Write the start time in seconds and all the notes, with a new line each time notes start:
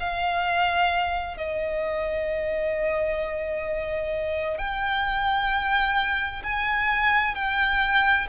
0.00 F5
1.37 D#5
4.58 G5
6.44 G#5
7.35 G5